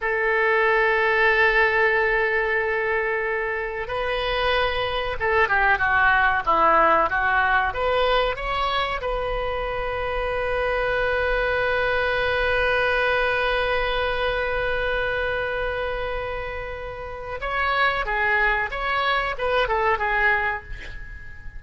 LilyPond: \new Staff \with { instrumentName = "oboe" } { \time 4/4 \tempo 4 = 93 a'1~ | a'2 b'2 | a'8 g'8 fis'4 e'4 fis'4 | b'4 cis''4 b'2~ |
b'1~ | b'1~ | b'2. cis''4 | gis'4 cis''4 b'8 a'8 gis'4 | }